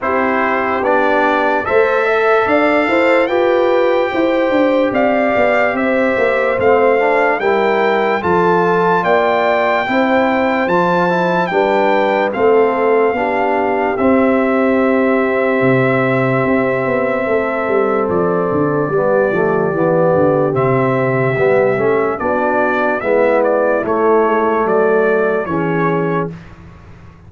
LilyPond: <<
  \new Staff \with { instrumentName = "trumpet" } { \time 4/4 \tempo 4 = 73 c''4 d''4 e''4 f''4 | g''2 f''4 e''4 | f''4 g''4 a''4 g''4~ | g''4 a''4 g''4 f''4~ |
f''4 e''2.~ | e''2 d''2~ | d''4 e''2 d''4 | e''8 d''8 cis''4 d''4 cis''4 | }
  \new Staff \with { instrumentName = "horn" } { \time 4/4 g'2 c''8 e''8 d''8 c''8 | b'4 c''4 d''4 c''4~ | c''4 ais'4 a'4 d''4 | c''2 b'4 a'4 |
g'1~ | g'4 a'2 g'4~ | g'2. fis'4 | e'2 a'4 gis'4 | }
  \new Staff \with { instrumentName = "trombone" } { \time 4/4 e'4 d'4 a'2 | g'1 | c'8 d'8 e'4 f'2 | e'4 f'8 e'8 d'4 c'4 |
d'4 c'2.~ | c'2. b8 a8 | b4 c'4 b8 cis'8 d'4 | b4 a2 cis'4 | }
  \new Staff \with { instrumentName = "tuba" } { \time 4/4 c'4 b4 a4 d'8 e'8 | f'4 e'8 d'8 c'8 b8 c'8 ais8 | a4 g4 f4 ais4 | c'4 f4 g4 a4 |
b4 c'2 c4 | c'8 b8 a8 g8 f8 d8 g8 f8 | e8 d8 c4 g8 a8 b4 | gis4 a8 gis8 fis4 e4 | }
>>